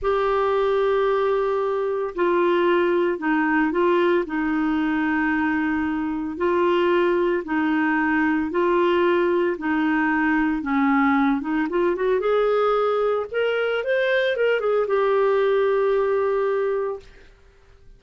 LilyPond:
\new Staff \with { instrumentName = "clarinet" } { \time 4/4 \tempo 4 = 113 g'1 | f'2 dis'4 f'4 | dis'1 | f'2 dis'2 |
f'2 dis'2 | cis'4. dis'8 f'8 fis'8 gis'4~ | gis'4 ais'4 c''4 ais'8 gis'8 | g'1 | }